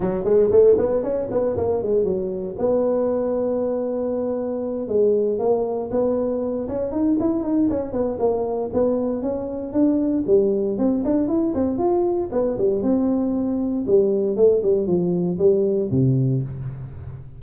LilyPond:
\new Staff \with { instrumentName = "tuba" } { \time 4/4 \tempo 4 = 117 fis8 gis8 a8 b8 cis'8 b8 ais8 gis8 | fis4 b2.~ | b4. gis4 ais4 b8~ | b4 cis'8 dis'8 e'8 dis'8 cis'8 b8 |
ais4 b4 cis'4 d'4 | g4 c'8 d'8 e'8 c'8 f'4 | b8 g8 c'2 g4 | a8 g8 f4 g4 c4 | }